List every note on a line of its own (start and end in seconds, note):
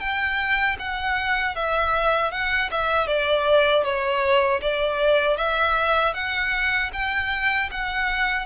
0.00 0.77 G5
0.79 1.56 F#5
1.56 2.32 E5
2.32 2.70 F#5
2.71 3.07 E5
3.07 3.84 D5
3.84 4.61 C#5
4.62 5.37 D5
5.37 6.14 E5
6.14 6.91 F#5
6.93 7.70 G5
7.71 8.47 F#5